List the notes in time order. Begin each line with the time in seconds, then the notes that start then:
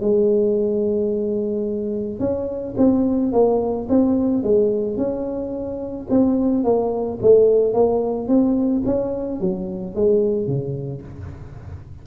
0.00 G#3
2.19 C#4
2.77 C4
3.32 A#3
3.89 C4
4.43 G#3
4.97 C#4
6.10 C4
6.64 A#3
7.22 A3
7.73 A#3
8.28 C4
8.85 C#4
9.40 F#3
9.95 G#3
10.47 C#3